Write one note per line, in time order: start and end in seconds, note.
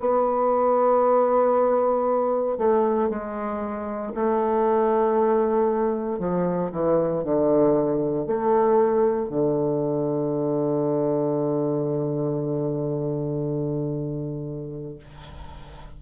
0.00 2.58 B3
2.58 3.09 A3
3.09 4.13 G#3
4.15 6.19 A3
6.19 6.71 F3
6.72 7.24 E3
7.24 8.27 D3
8.27 9.29 A3
9.29 14.98 D3